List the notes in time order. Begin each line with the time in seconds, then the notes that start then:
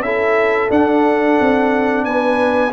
0.00 C#4 E4 A4 E5
0.69 D4 F#5
1.40 C4
2.04 B3 B4 G#5